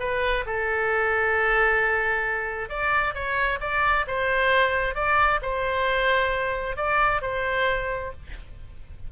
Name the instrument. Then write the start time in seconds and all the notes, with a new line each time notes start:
oboe
0.00 B4
0.46 A4
2.69 D5
3.15 C#5
3.61 D5
4.07 C5
4.95 D5
5.42 C5
6.77 D5
7.22 C5